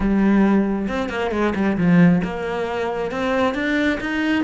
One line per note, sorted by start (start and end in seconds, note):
0.00 0.87 G3
0.88 1.09 C4
1.09 1.31 A#3
1.31 1.53 G#3
1.55 1.77 G3
1.77 2.21 F3
2.23 3.11 A#3
3.11 3.54 C4
3.54 3.98 D4
4.00 4.44 D#4